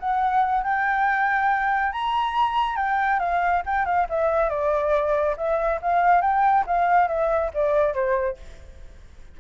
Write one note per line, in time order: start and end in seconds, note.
0.00 0.64 F#5
0.64 1.92 G5
1.92 2.76 A#5
2.76 3.19 G5
3.19 3.63 F5
3.66 3.85 G5
3.85 4.07 F5
4.09 4.50 E5
4.50 5.36 D5
5.37 5.80 E5
5.82 6.22 F5
6.22 6.65 G5
6.67 7.08 F5
7.08 7.51 E5
7.54 7.94 D5
7.94 8.37 C5